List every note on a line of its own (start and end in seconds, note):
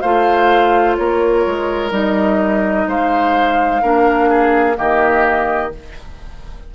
0.00 0.98 A3
0.00 1.91 F4
0.00 0.96 C5
0.00 0.95 F5
0.95 1.45 A#3
0.95 2.88 A#4
0.95 1.91 C#5
1.46 1.91 G#3
1.91 2.86 G3
1.91 3.81 D#4
1.91 2.88 D#5
2.87 3.82 G#3
2.87 3.82 C5
2.87 4.77 F5
3.82 4.78 A#3
3.82 4.74 D4
3.82 4.29 A#4
4.29 4.76 G#4
4.74 5.74 D#3
4.74 5.69 A#3
4.74 5.73 G4
4.74 5.72 D#5